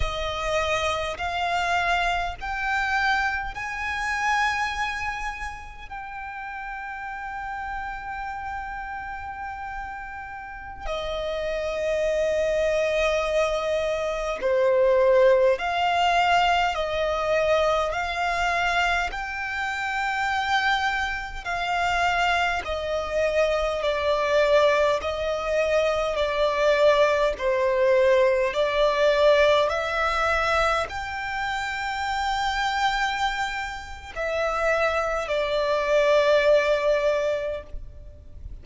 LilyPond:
\new Staff \with { instrumentName = "violin" } { \time 4/4 \tempo 4 = 51 dis''4 f''4 g''4 gis''4~ | gis''4 g''2.~ | g''4~ g''16 dis''2~ dis''8.~ | dis''16 c''4 f''4 dis''4 f''8.~ |
f''16 g''2 f''4 dis''8.~ | dis''16 d''4 dis''4 d''4 c''8.~ | c''16 d''4 e''4 g''4.~ g''16~ | g''4 e''4 d''2 | }